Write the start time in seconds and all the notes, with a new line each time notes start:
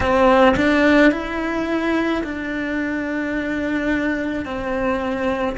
0.00 C4
0.56 D4
1.11 E4
2.23 D4
4.44 C4